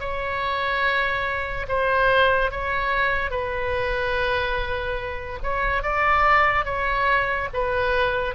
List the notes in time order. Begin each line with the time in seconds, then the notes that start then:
0.00 C#5
1.69 C5
2.51 C#5
3.31 B4
5.43 C#5
5.83 D5
6.66 C#5
7.54 B4